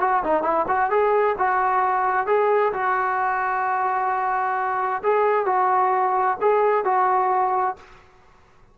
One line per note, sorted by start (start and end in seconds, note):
0.00 0.23 F#4
0.24 0.43 D#4
0.43 0.66 E4
0.67 0.90 F#4
0.90 1.36 G#4
1.38 2.27 F#4
2.27 2.72 G#4
2.73 5.02 F#4
5.03 5.46 G#4
5.46 6.37 F#4
6.41 6.84 G#4
6.84 7.76 F#4